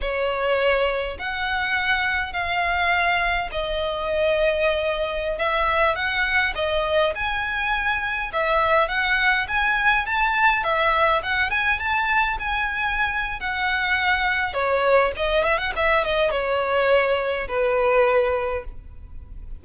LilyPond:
\new Staff \with { instrumentName = "violin" } { \time 4/4 \tempo 4 = 103 cis''2 fis''2 | f''2 dis''2~ | dis''4~ dis''16 e''4 fis''4 dis''8.~ | dis''16 gis''2 e''4 fis''8.~ |
fis''16 gis''4 a''4 e''4 fis''8 gis''16~ | gis''16 a''4 gis''4.~ gis''16 fis''4~ | fis''4 cis''4 dis''8 e''16 fis''16 e''8 dis''8 | cis''2 b'2 | }